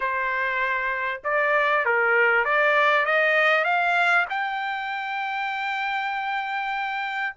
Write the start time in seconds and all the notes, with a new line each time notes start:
0.00 C5
1.24 D5
1.85 A#4
2.44 D5
3.05 D#5
3.64 F5
4.29 G5